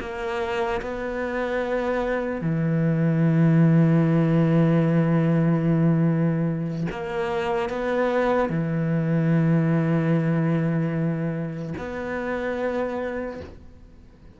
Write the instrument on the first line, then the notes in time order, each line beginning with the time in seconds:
cello
0.00 A#3
0.81 B3
2.41 E3
6.91 A#3
7.69 B3
8.49 E3
11.78 B3